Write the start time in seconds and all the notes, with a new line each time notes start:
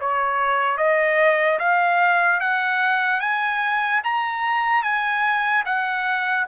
0.00 C#5
0.77 D#5
1.59 F5
2.40 F#5
3.20 G#5
4.04 A#5
4.82 G#5
5.65 F#5